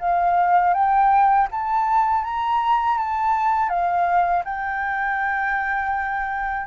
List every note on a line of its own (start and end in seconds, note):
0.00 0.74 F5
0.74 1.48 G5
1.52 2.24 A5
2.24 2.98 A#5
2.98 3.69 A5
3.69 4.43 F5
4.45 6.67 G5